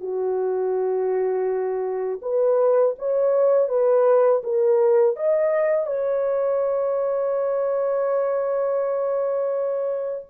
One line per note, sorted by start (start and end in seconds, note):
0.00 2.20 F#4
2.22 2.95 B4
2.98 3.69 C#5
3.69 4.42 B4
4.43 5.16 A#4
5.16 5.86 D#5
5.86 10.25 C#5